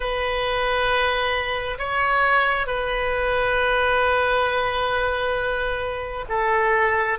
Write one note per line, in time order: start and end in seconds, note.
0.00 1.77 B4
1.78 2.66 C#5
2.66 6.24 B4
6.28 7.18 A4